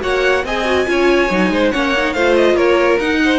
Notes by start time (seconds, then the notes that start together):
0.00 A#3 F#4 C#5 F#5
0.44 C4 G#4 D#5 G#5
0.65 F#4
0.86 C#4 F4 C#5
1.30 F#3 D#4
1.49 G#3 C5
1.70 A#3 C#4 C#5 F#5
1.97 D#4
2.13 A3 F4 C5 F5
2.36 D#5
2.54 A#3 A#4 C#5
2.99 D#4 F#5
3.25 C5